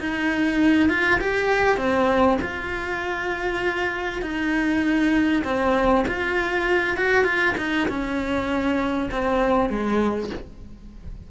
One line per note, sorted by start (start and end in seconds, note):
0.00 0.89 D#4
0.89 1.20 F4
1.20 1.77 G4
1.77 2.38 C4
2.41 4.22 F4
4.22 5.43 D#4
5.44 6.05 C4
6.08 6.97 F4
6.97 7.25 F#4
7.25 7.55 F4
7.58 7.88 D#4
7.88 9.09 C#4
9.11 9.69 C4
9.69 10.30 G#3